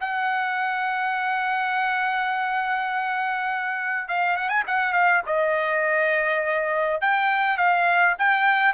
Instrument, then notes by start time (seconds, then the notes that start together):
trumpet
0.00 F#5
4.08 F5
4.37 F#5
4.49 G#5
4.67 F#5
4.93 F5
5.26 D#5
7.01 G5
7.57 F5
8.18 G5